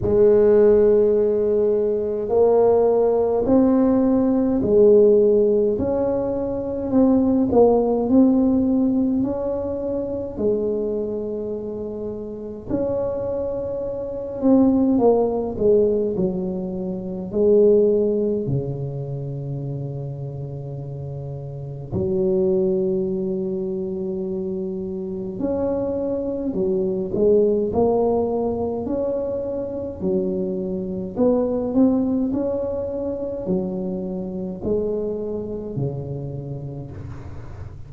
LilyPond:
\new Staff \with { instrumentName = "tuba" } { \time 4/4 \tempo 4 = 52 gis2 ais4 c'4 | gis4 cis'4 c'8 ais8 c'4 | cis'4 gis2 cis'4~ | cis'8 c'8 ais8 gis8 fis4 gis4 |
cis2. fis4~ | fis2 cis'4 fis8 gis8 | ais4 cis'4 fis4 b8 c'8 | cis'4 fis4 gis4 cis4 | }